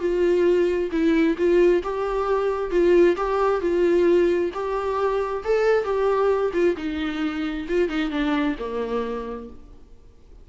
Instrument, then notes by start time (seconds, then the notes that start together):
viola
0.00 F4
0.92 E4
1.38 F4
1.84 G4
2.71 F4
3.17 G4
3.61 F4
4.54 G4
5.44 A4
5.84 G4
6.53 F4
6.77 D#4
7.69 F4
7.89 D#4
8.11 D4
8.59 A#3